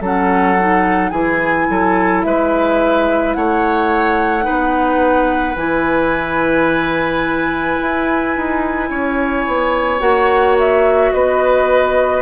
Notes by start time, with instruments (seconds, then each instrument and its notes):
0.00 bassoon F#3, clarinet C#4, oboe A4, flute F#5
0.58 clarinet D#4
1.10 bassoon E3, clarinet E4, oboe G#4, flute G#5
1.69 bassoon F#3, oboe A4
2.22 bassoon G#3, oboe B4, flute E5
3.33 bassoon A3, oboe C#5, flute F#5
4.42 clarinet D#4, oboe B4
4.48 bassoon B3
5.55 bassoon E3, clarinet E4, flute G#5
7.80 bassoon E4
8.36 bassoon D#4
8.90 bassoon C#4, oboe C#5
9.46 bassoon B3
9.99 bassoon A#3, clarinet F#4, flute F#5
10.59 flute E5
11.12 bassoon B3, oboe B4, flute D#5